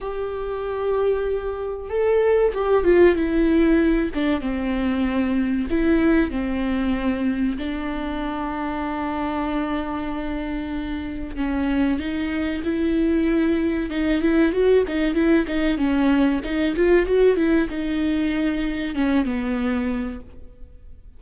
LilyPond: \new Staff \with { instrumentName = "viola" } { \time 4/4 \tempo 4 = 95 g'2. a'4 | g'8 f'8 e'4. d'8 c'4~ | c'4 e'4 c'2 | d'1~ |
d'2 cis'4 dis'4 | e'2 dis'8 e'8 fis'8 dis'8 | e'8 dis'8 cis'4 dis'8 f'8 fis'8 e'8 | dis'2 cis'8 b4. | }